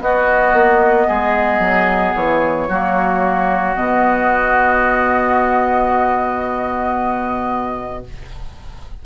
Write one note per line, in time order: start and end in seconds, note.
0.00 0.52 B3
0.00 2.68 B3
0.00 1.07 F#4
0.00 2.15 D#5
0.52 1.06 A#3
1.07 1.59 G#3
1.07 2.68 G#4
1.59 2.12 F#3
2.15 2.68 E3
2.15 3.75 C#5
2.68 3.75 F#3
2.68 3.75 A#3
2.68 8.03 F#4
3.75 8.05 B2
3.75 8.04 B3
3.75 8.03 D#5